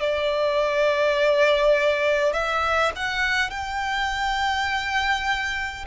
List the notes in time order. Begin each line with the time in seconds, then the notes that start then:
0.00 D5
2.33 E5
2.96 F#5
3.50 G5